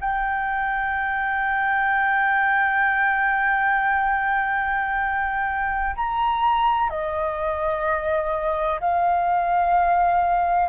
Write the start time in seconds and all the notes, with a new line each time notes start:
0.00 G5
5.95 A#5
6.89 D#5
8.80 F5